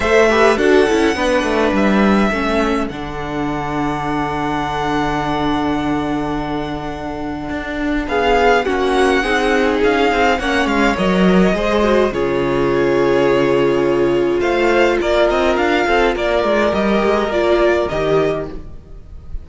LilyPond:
<<
  \new Staff \with { instrumentName = "violin" } { \time 4/4 \tempo 4 = 104 e''4 fis''2 e''4~ | e''4 fis''2.~ | fis''1~ | fis''2 f''4 fis''4~ |
fis''4 f''4 fis''8 f''8 dis''4~ | dis''4 cis''2.~ | cis''4 f''4 d''8 dis''8 f''4 | d''4 dis''4 d''4 dis''4 | }
  \new Staff \with { instrumentName = "violin" } { \time 4/4 c''8 b'8 a'4 b'2 | a'1~ | a'1~ | a'2 gis'4 fis'4 |
gis'2 cis''2 | c''4 gis'2.~ | gis'4 c''4 ais'4. a'8 | ais'1 | }
  \new Staff \with { instrumentName = "viola" } { \time 4/4 a'8 g'8 fis'8 e'8 d'2 | cis'4 d'2.~ | d'1~ | d'2. cis'4 |
dis'2 cis'4 ais'4 | gis'8 fis'8 f'2.~ | f'1~ | f'4 g'4 f'4 g'4 | }
  \new Staff \with { instrumentName = "cello" } { \time 4/4 a4 d'8 cis'8 b8 a8 g4 | a4 d2.~ | d1~ | d4 d'4 b4 ais4 |
c'4 cis'8 c'8 ais8 gis8 fis4 | gis4 cis2.~ | cis4 a4 ais8 c'8 d'8 c'8 | ais8 gis8 g8 gis8 ais4 dis4 | }
>>